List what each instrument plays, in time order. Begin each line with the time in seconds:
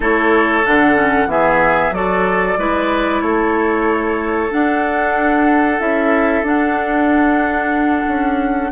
0.00 bassoon A3, clarinet E4, oboe A4, flute C#5
0.65 bassoon D3, clarinet D4, flute F#5
0.95 clarinet C#4
1.26 bassoon E3, clarinet B3, oboe G#4, flute E5
1.90 bassoon F#3, clarinet F#4, oboe A4, flute D5
2.58 bassoon G#3, clarinet E4, oboe B4
3.21 bassoon A3, oboe A4, flute C#5
4.50 clarinet D4, bassoon D4, flute F#5
5.79 bassoon C#4, clarinet E4, flute E5
6.42 bassoon D4, clarinet D4, flute F#5
8.08 bassoon C#4